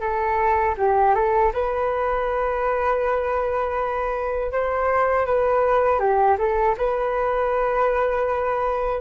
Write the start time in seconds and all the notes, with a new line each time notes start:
0.00 A4
0.77 G4
1.15 A4
1.53 B4
4.52 C5
5.26 B4
5.99 G4
6.38 A4
6.77 B4